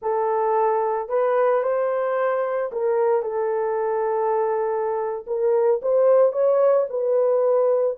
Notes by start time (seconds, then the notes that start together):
0.01 A4
1.08 B4
1.62 C5
2.72 A#4
3.22 A4
5.27 A#4
5.82 C5
6.32 C#5
6.89 B4